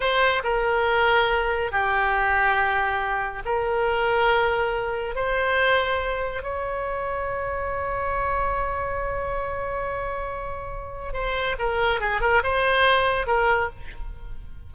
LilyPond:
\new Staff \with { instrumentName = "oboe" } { \time 4/4 \tempo 4 = 140 c''4 ais'2. | g'1 | ais'1 | c''2. cis''4~ |
cis''1~ | cis''1~ | cis''2 c''4 ais'4 | gis'8 ais'8 c''2 ais'4 | }